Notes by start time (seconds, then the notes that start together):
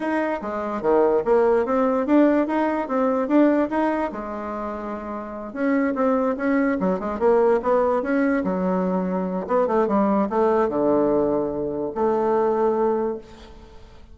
0.00 D#4
0.41 G#3
0.81 D#3
1.24 A#3
1.65 C4
2.06 D4
2.47 D#4
2.87 C4
3.27 D4
3.70 D#4
4.12 G#3
5.53 C#4
5.94 C4
6.36 C#4
6.79 F#3
6.99 G#3
7.19 A#3
7.62 B3
8.02 C#4
8.44 F#3
9.47 B3
9.67 A3
9.87 G3
10.29 A3
10.68 D3
11.94 A3